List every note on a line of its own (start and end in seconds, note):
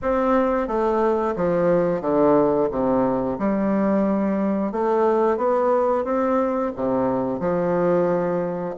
0.02 0.67 C4
0.67 1.35 A3
1.36 2.01 F3
2.01 2.68 D3
2.70 3.38 C3
3.39 4.72 G3
4.72 5.37 A3
5.37 6.04 B3
6.04 6.71 C4
6.75 7.39 C3
7.39 8.74 F3